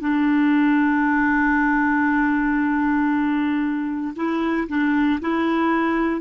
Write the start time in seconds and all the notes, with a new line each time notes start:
0.00 D4
4.15 E4
4.68 D4
5.21 E4